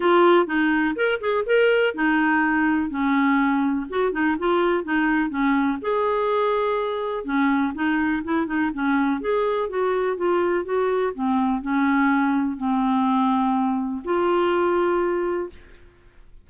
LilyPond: \new Staff \with { instrumentName = "clarinet" } { \time 4/4 \tempo 4 = 124 f'4 dis'4 ais'8 gis'8 ais'4 | dis'2 cis'2 | fis'8 dis'8 f'4 dis'4 cis'4 | gis'2. cis'4 |
dis'4 e'8 dis'8 cis'4 gis'4 | fis'4 f'4 fis'4 c'4 | cis'2 c'2~ | c'4 f'2. | }